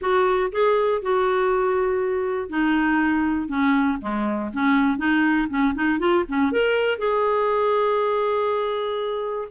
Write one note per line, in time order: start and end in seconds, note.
0.01 0.51 F#4
0.51 1.01 G#4
1.02 2.49 F#4
2.49 3.48 D#4
3.48 3.98 C#4
4.01 4.51 G#3
4.53 4.97 C#4
4.97 5.47 D#4
5.49 5.74 C#4
5.74 5.99 D#4
5.99 6.24 F4
6.28 6.52 C#4
6.52 6.98 A#4
6.98 9.48 G#4